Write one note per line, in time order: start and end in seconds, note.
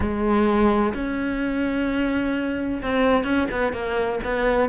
0.00 0.93 G#3
0.94 2.81 C#4
2.82 3.23 C4
3.23 3.47 C#4
3.51 3.72 B3
3.72 4.19 A#3
4.24 4.69 B3